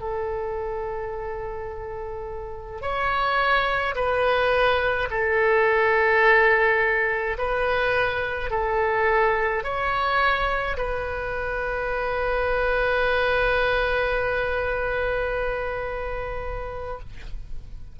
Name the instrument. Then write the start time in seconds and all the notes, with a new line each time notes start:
oboe
0.00 A4
2.81 C#5
3.95 B4
5.10 A4
7.38 B4
8.50 A4
9.63 C#5
10.77 B4